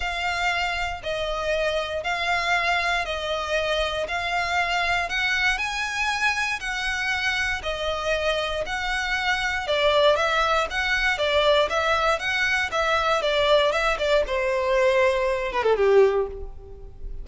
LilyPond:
\new Staff \with { instrumentName = "violin" } { \time 4/4 \tempo 4 = 118 f''2 dis''2 | f''2 dis''2 | f''2 fis''4 gis''4~ | gis''4 fis''2 dis''4~ |
dis''4 fis''2 d''4 | e''4 fis''4 d''4 e''4 | fis''4 e''4 d''4 e''8 d''8 | c''2~ c''8 b'16 a'16 g'4 | }